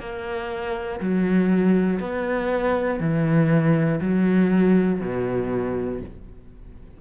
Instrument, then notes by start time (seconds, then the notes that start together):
cello
0.00 A#3
1.00 F#3
2.00 B3
3.00 E3
4.01 F#3
5.00 B2